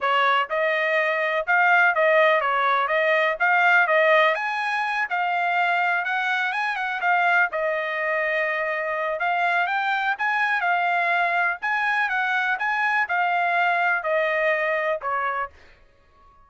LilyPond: \new Staff \with { instrumentName = "trumpet" } { \time 4/4 \tempo 4 = 124 cis''4 dis''2 f''4 | dis''4 cis''4 dis''4 f''4 | dis''4 gis''4. f''4.~ | f''8 fis''4 gis''8 fis''8 f''4 dis''8~ |
dis''2. f''4 | g''4 gis''4 f''2 | gis''4 fis''4 gis''4 f''4~ | f''4 dis''2 cis''4 | }